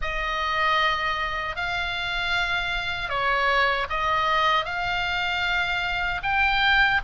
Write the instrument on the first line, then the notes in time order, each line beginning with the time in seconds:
oboe
0.01 D#5
1.56 F5
3.09 C#5
3.89 D#5
4.65 F5
6.23 G5